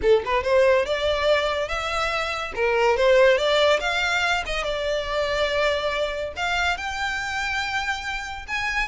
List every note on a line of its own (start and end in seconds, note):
0.02 0.23 A4
0.25 0.43 B4
0.43 0.85 C5
0.85 1.68 D5
1.68 2.52 E5
2.55 2.97 A#4
2.97 3.37 C5
3.37 3.79 D5
3.80 4.43 F5
4.46 4.64 D#5
4.64 6.33 D5
6.36 6.77 F5
6.77 8.46 G5
8.47 8.88 G#5